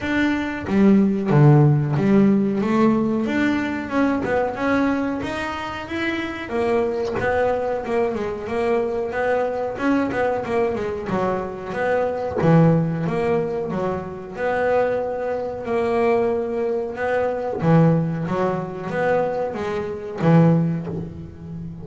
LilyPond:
\new Staff \with { instrumentName = "double bass" } { \time 4/4 \tempo 4 = 92 d'4 g4 d4 g4 | a4 d'4 cis'8 b8 cis'4 | dis'4 e'4 ais4 b4 | ais8 gis8 ais4 b4 cis'8 b8 |
ais8 gis8 fis4 b4 e4 | ais4 fis4 b2 | ais2 b4 e4 | fis4 b4 gis4 e4 | }